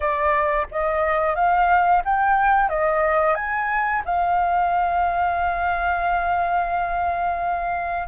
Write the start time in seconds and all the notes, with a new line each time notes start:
0.00 D5
0.71 D#5
1.35 F5
2.04 G5
2.69 D#5
3.34 G#5
4.04 F5